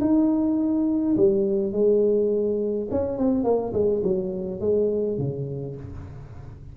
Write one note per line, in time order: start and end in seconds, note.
0.00 1.15 D#4
1.16 1.73 G3
1.73 2.88 G#3
2.91 3.18 C#4
3.18 3.44 C4
3.44 3.73 A#3
3.73 4.02 G#3
4.03 4.60 F#3
4.60 5.18 G#3
5.18 5.76 C#3